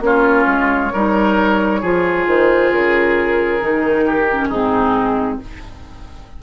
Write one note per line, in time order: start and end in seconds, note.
0.00 0.45 A#3
0.00 0.91 C#4
0.00 0.93 F4
0.00 2.27 C#5
0.46 0.91 G#3
0.93 1.82 G3
0.93 1.82 D#4
0.93 1.80 A#4
1.80 2.26 F3
1.80 3.60 F4
1.80 4.04 G#4
2.26 2.71 D#3
2.26 2.72 C5
2.71 3.61 C#3
2.71 4.49 A#4
3.60 4.49 D#3
3.60 4.27 D#4
4.06 4.48 G4
4.32 4.52 C#4
4.48 5.39 G#2
4.48 5.42 C4
4.48 5.37 D#4
4.48 5.38 G#4